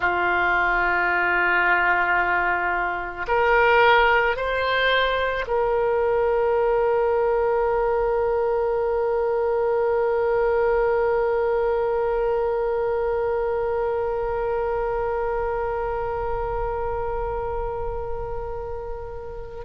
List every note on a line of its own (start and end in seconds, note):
0.00 3.26 F4
3.27 4.36 A#4
4.36 5.45 C5
5.47 19.64 A#4